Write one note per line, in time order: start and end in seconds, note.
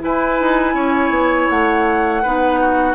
0.00 2.22 E4
0.00 0.41 E4
0.00 0.75 B4
0.00 1.50 G#5
0.41 0.75 D#4
0.75 1.10 C#4
0.75 2.23 C#5
1.10 1.47 B3
1.50 2.25 A3
1.50 2.96 F#5
2.23 2.96 B3
2.23 2.96 D#4
2.23 2.60 B4
2.60 2.96 F#4